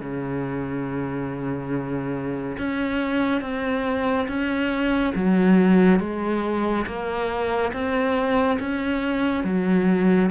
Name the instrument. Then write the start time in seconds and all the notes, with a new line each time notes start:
cello
0.00 C#3
2.58 C#4
3.41 C4
4.28 C#4
5.15 F#3
6.00 G#3
6.86 A#3
7.73 C4
8.59 C#4
9.44 F#3